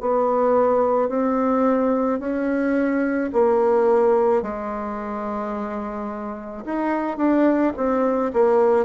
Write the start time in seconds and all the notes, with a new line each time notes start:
0.00 B3
1.09 C4
2.19 C#4
3.32 A#3
4.42 G#3
6.65 D#4
7.17 D4
7.76 C4
8.33 A#3